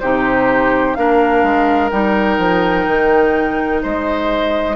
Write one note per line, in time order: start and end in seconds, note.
0.00 0.97 C3
0.00 0.96 D#4
0.00 0.97 G4
0.00 0.95 C5
0.95 1.43 A#3
0.95 1.92 D4
0.95 3.83 A#4
0.95 1.90 F5
1.43 1.91 G#3
1.90 2.38 G3
1.90 4.76 D#4
1.90 3.81 G5
2.38 2.86 F3
2.87 3.82 D#3
3.82 4.76 G#3
3.82 4.76 C5
3.82 4.76 D#5